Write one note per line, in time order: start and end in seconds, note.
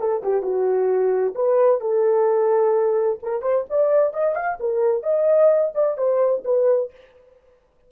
0.00 0.23 A4
0.23 0.43 G4
0.43 1.35 F#4
1.35 1.81 B4
1.81 3.20 A4
3.23 3.42 A#4
3.42 3.65 C5
3.70 4.14 D5
4.14 4.36 D#5
4.36 4.59 F5
4.60 5.03 A#4
5.03 5.73 D#5
5.75 5.98 D5
5.98 6.44 C5
6.45 6.91 B4